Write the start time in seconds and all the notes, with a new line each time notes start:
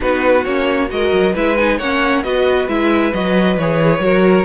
0.00 B3 D#4 F#4 B4
0.44 A#3 C#4 C#5
0.88 G#3 F#4 A#4 D#5
1.12 F#3
1.33 G#3 E4 B4 E5
1.57 D#4 G#5
1.77 A#3 C#4 C#5 F#5
2.23 B3 F#4 B4 D#5
2.67 G#3 E4 E5
3.13 F#3 F#4 D#5
3.57 E3 G#4 C#5
3.99 F#3 F#4 A#4